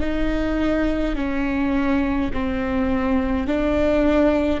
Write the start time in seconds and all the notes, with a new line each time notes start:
0.00 D#4
1.15 C#4
2.33 C4
3.47 D4